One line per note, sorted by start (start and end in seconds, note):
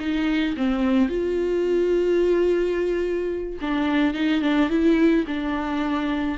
0.00 0.56 D#4
0.57 1.09 C4
1.09 3.59 F4
3.61 4.14 D4
4.14 4.42 D#4
4.42 4.70 D4
4.70 5.25 E4
5.28 6.38 D4